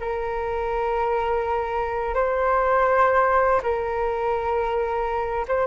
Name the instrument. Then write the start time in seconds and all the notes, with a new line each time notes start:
flute
0.00 A#4
2.14 C5
3.63 A#4
5.48 C5